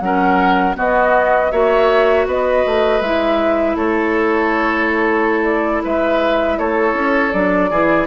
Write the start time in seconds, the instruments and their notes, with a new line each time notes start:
0.00 bassoon F#3, clarinet C#4, oboe A#4, flute F#5
0.75 clarinet B3, bassoon B3, oboe F#4, flute D#5
1.52 bassoon A#3, clarinet F#4, oboe C#5, flute E5
2.27 bassoon B3, oboe B4, flute D#5
2.66 bassoon A3
3.01 bassoon G#3, clarinet E4, flute E5
3.77 bassoon A3, oboe A4, flute C#5
5.45 flute D5
5.84 bassoon G#3, oboe B4, flute E5
6.58 bassoon A3, oboe A4, flute C#5
6.94 bassoon C#4
7.33 bassoon F#3, clarinet D4, flute D5
7.71 bassoon E3, clarinet E4, oboe G#4